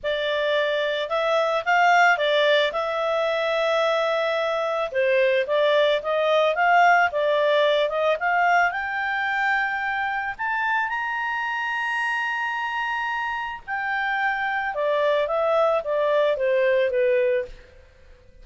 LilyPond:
\new Staff \with { instrumentName = "clarinet" } { \time 4/4 \tempo 4 = 110 d''2 e''4 f''4 | d''4 e''2.~ | e''4 c''4 d''4 dis''4 | f''4 d''4. dis''8 f''4 |
g''2. a''4 | ais''1~ | ais''4 g''2 d''4 | e''4 d''4 c''4 b'4 | }